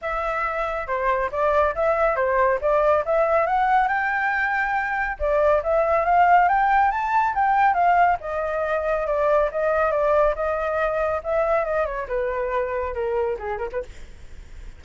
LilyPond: \new Staff \with { instrumentName = "flute" } { \time 4/4 \tempo 4 = 139 e''2 c''4 d''4 | e''4 c''4 d''4 e''4 | fis''4 g''2. | d''4 e''4 f''4 g''4 |
a''4 g''4 f''4 dis''4~ | dis''4 d''4 dis''4 d''4 | dis''2 e''4 dis''8 cis''8 | b'2 ais'4 gis'8 ais'16 b'16 | }